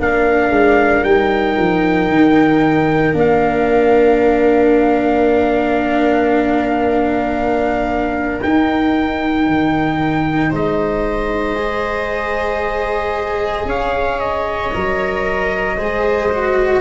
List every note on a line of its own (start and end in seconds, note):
0.00 0.49 A#3
0.00 1.05 D4
0.00 10.50 A#4
0.00 1.04 F5
0.49 1.02 G#3
1.04 1.57 G3
1.04 3.14 D#4
1.04 3.15 G5
1.59 2.10 F3
2.10 3.14 D#3
3.14 8.41 A#3
3.14 8.40 D4
3.14 8.43 F5
8.43 9.47 D#4
8.43 11.56 D#4
8.43 10.53 G5
9.47 10.52 D#3
10.50 13.65 G#3
10.50 13.65 C5
10.50 13.69 D#5
11.56 14.72 G#4
13.65 14.71 C#4
13.65 15.77 C#5
13.65 14.20 F5
14.20 16.82 D#5
14.74 15.80 F#3
14.74 15.78 A#4
15.77 16.82 G#3
15.77 16.31 G#4
15.77 16.82 C5
16.32 16.82 F#4